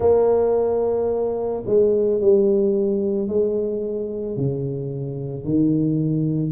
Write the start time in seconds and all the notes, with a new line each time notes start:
0.00 A#3
1.66 G#3
2.21 G3
3.27 G#3
4.36 C#3
5.44 D#3